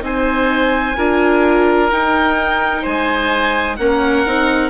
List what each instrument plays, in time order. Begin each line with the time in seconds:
0.00 bassoon C4, viola D#4, oboe C5, violin G#5
0.97 bassoon D4, viola F4, oboe A#4
1.90 viola D#4, bassoon D#4, violin G5
2.82 bassoon G#3, oboe C5, violin G#5
3.76 bassoon A#3, viola C#4, oboe A#4, violin F#5
4.26 bassoon C4, viola D#4